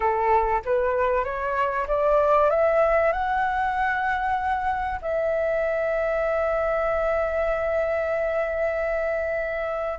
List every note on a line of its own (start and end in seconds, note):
0.00 0.61 A4
0.65 1.24 B4
1.24 1.87 C#5
1.87 2.49 D5
2.49 3.12 E5
3.12 5.00 F#5
5.01 9.99 E5